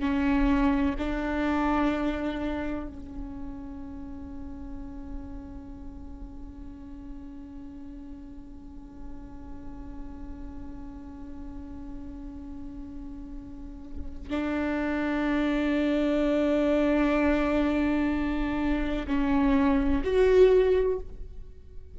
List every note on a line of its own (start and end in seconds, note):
0.00 0.95 C#4
0.99 2.88 D4
2.88 14.30 C#4
14.30 19.06 D4
19.08 20.03 C#4
20.04 21.00 F#4